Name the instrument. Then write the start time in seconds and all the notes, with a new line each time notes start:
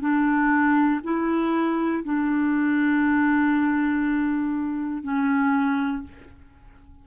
clarinet
0.00 D4
1.04 E4
2.04 D4
5.03 C#4